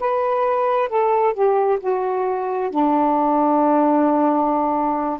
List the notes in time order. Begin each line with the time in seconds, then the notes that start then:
0.00 B4
0.89 A4
1.33 G4
1.80 F#4
2.70 D4